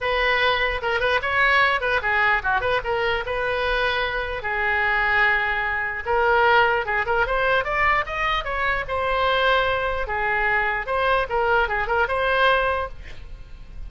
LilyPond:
\new Staff \with { instrumentName = "oboe" } { \time 4/4 \tempo 4 = 149 b'2 ais'8 b'8 cis''4~ | cis''8 b'8 gis'4 fis'8 b'8 ais'4 | b'2. gis'4~ | gis'2. ais'4~ |
ais'4 gis'8 ais'8 c''4 d''4 | dis''4 cis''4 c''2~ | c''4 gis'2 c''4 | ais'4 gis'8 ais'8 c''2 | }